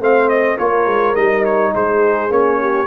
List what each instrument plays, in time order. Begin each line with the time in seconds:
0.00 tuba A3, trombone C4, horn C5, trumpet F5
0.29 trumpet D#5
0.57 tuba A#3, trombone F4, horn A#4, trumpet C#5
0.87 tuba G#3
1.16 tuba G3, trombone D#4, trumpet D#5
1.45 trumpet C#5
1.74 tuba G#3, horn G#4, trumpet C5
2.29 tuba A#3, trombone C#4, trumpet C#5
2.61 horn G4